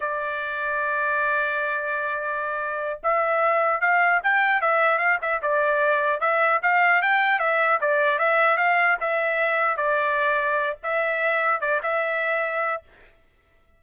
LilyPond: \new Staff \with { instrumentName = "trumpet" } { \time 4/4 \tempo 4 = 150 d''1~ | d''2.~ d''8 e''8~ | e''4. f''4 g''4 e''8~ | e''8 f''8 e''8 d''2 e''8~ |
e''8 f''4 g''4 e''4 d''8~ | d''8 e''4 f''4 e''4.~ | e''8 d''2~ d''8 e''4~ | e''4 d''8 e''2~ e''8 | }